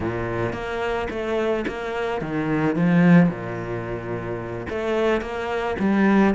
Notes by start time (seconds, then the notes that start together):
0.00 A#2
0.52 A#3
1.10 A3
1.67 A#3
2.21 D#3
2.75 F3
3.29 A#2
4.69 A3
5.21 A#3
5.79 G3